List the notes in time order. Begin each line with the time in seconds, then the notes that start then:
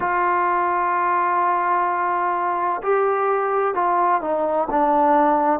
0.00 F4
2.82 G4
3.74 F4
4.21 D#4
4.70 D4